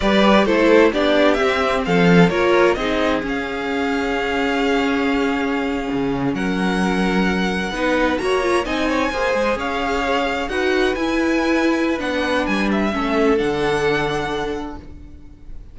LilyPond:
<<
  \new Staff \with { instrumentName = "violin" } { \time 4/4 \tempo 4 = 130 d''4 c''4 d''4 e''4 | f''4 cis''4 dis''4 f''4~ | f''1~ | f''4.~ f''16 fis''2~ fis''16~ |
fis''4.~ fis''16 ais''4 gis''4~ gis''16~ | gis''8. f''2 fis''4 gis''16~ | gis''2 fis''4 gis''8 e''8~ | e''4 fis''2. | }
  \new Staff \with { instrumentName = "violin" } { \time 4/4 b'4 a'4 g'2 | a'4 ais'4 gis'2~ | gis'1~ | gis'4.~ gis'16 ais'2~ ais'16~ |
ais'8. b'4 cis''4 dis''8 cis''8 c''16~ | c''8. cis''2 b'4~ b'16~ | b'1 | a'1 | }
  \new Staff \with { instrumentName = "viola" } { \time 4/4 g'4 e'4 d'4 c'4~ | c'4 f'4 dis'4 cis'4~ | cis'1~ | cis'1~ |
cis'8. dis'4 fis'8 f'8 dis'4 gis'16~ | gis'2~ gis'8. fis'4 e'16~ | e'2 d'2 | cis'4 d'2. | }
  \new Staff \with { instrumentName = "cello" } { \time 4/4 g4 a4 b4 c'4 | f4 ais4 c'4 cis'4~ | cis'1~ | cis'8. cis4 fis2~ fis16~ |
fis8. b4 ais4 c'4 ais16~ | ais16 gis8 cis'2 dis'4 e'16~ | e'2 b4 g4 | a4 d2. | }
>>